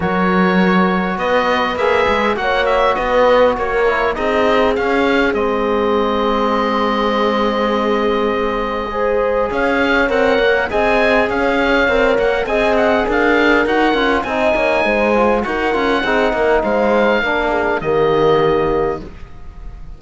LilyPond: <<
  \new Staff \with { instrumentName = "oboe" } { \time 4/4 \tempo 4 = 101 cis''2 dis''4 e''4 | fis''8 e''8 dis''4 cis''4 dis''4 | f''4 dis''2.~ | dis''1 |
f''4 fis''4 gis''4 f''4~ | f''8 fis''8 gis''8 fis''8 f''4 fis''4 | gis''2 fis''2 | f''2 dis''2 | }
  \new Staff \with { instrumentName = "horn" } { \time 4/4 ais'2 b'2 | cis''4 b'4 ais'4 gis'4~ | gis'1~ | gis'2. c''4 |
cis''2 dis''4 cis''4~ | cis''4 dis''4 ais'2 | dis''8 cis''8 c''4 ais'4 gis'8 ais'8 | c''4 ais'8 gis'8 g'2 | }
  \new Staff \with { instrumentName = "trombone" } { \time 4/4 fis'2. gis'4 | fis'2~ fis'8 e'8 dis'4 | cis'4 c'2.~ | c'2. gis'4~ |
gis'4 ais'4 gis'2 | ais'4 gis'2 fis'8 f'8 | dis'4. f'8 fis'8 f'8 dis'4~ | dis'4 d'4 ais2 | }
  \new Staff \with { instrumentName = "cello" } { \time 4/4 fis2 b4 ais8 gis8 | ais4 b4 ais4 c'4 | cis'4 gis2.~ | gis1 |
cis'4 c'8 ais8 c'4 cis'4 | c'8 ais8 c'4 d'4 dis'8 cis'8 | c'8 ais8 gis4 dis'8 cis'8 c'8 ais8 | gis4 ais4 dis2 | }
>>